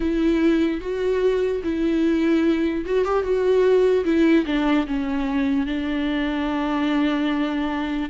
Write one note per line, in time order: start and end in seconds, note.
0.00 0.81 E4
0.81 1.62 F#4
1.63 2.85 E4
2.85 3.04 F#4
3.04 3.23 G4
3.23 4.04 F#4
4.04 4.45 E4
4.46 4.86 D4
4.86 5.66 C#4
5.66 8.09 D4